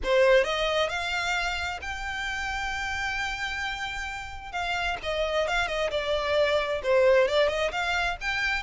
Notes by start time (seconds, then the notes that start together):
0.03 C5
0.44 D#5
0.89 F5
1.81 G5
4.51 F5
5.02 D#5
5.47 F5
5.67 D#5
5.90 D5
6.83 C5
7.27 D5
7.48 D#5
7.71 F5
8.20 G5